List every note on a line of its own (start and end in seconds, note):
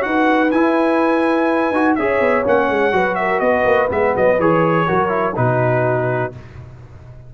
0.00 0.52 D#4
0.00 0.48 F#4
0.00 1.98 B4
0.00 0.51 F#5
0.51 1.71 E4
0.51 1.73 E4
0.51 1.95 G#5
1.71 1.95 D#4
1.71 1.98 F#4
1.95 2.20 C#4
1.95 2.43 G#4
1.95 2.94 C#5
1.95 2.43 E5
2.20 2.44 B3
2.43 2.69 A#3
2.43 2.91 C#4
2.43 3.15 F#5
2.69 2.93 G#3
2.91 3.40 F#3
2.91 3.88 F#4
2.91 3.18 B4
3.15 3.42 A#4
3.15 3.39 E5
3.39 3.64 B3
3.39 4.86 B4
3.39 3.88 D#5
3.65 3.89 A#3
3.88 4.14 G#3
3.88 4.37 B3
3.88 4.15 E5
4.16 4.38 F#3
4.16 4.40 D#5
4.38 4.87 E3
4.38 4.87 G#4
4.38 5.36 C#5
4.86 5.37 F#3
4.86 5.08 F#4
4.86 5.35 A#4
5.08 5.32 E4
5.35 6.33 B2
5.35 6.32 D#4
5.35 6.33 F#4
5.35 6.33 B4